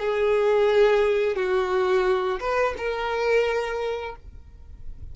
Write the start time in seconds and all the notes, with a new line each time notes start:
0.00 G#4
1.36 F#4
2.40 B4
2.78 A#4